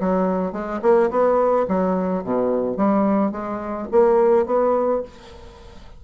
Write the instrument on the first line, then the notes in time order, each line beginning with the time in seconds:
bassoon
0.00 F#3
0.52 G#3
0.82 A#3
1.10 B3
1.68 F#3
2.24 B2
2.77 G3
3.32 G#3
3.92 A#3
4.46 B3